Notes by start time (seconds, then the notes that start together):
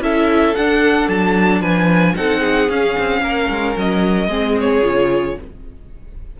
0.00 C#4 E4 A4 E5
0.55 D4 F#5
1.08 F#3 A5
1.61 F3 B4 G#5
2.16 C4 D#4 A4 F#5
2.40 G#4
2.69 C#4 F5
2.98 C4
3.21 A#3 A#4
3.49 G#3
3.76 F#3 D#5
4.27 G#3 C4 G#4
4.59 C#5
4.82 C#3 F4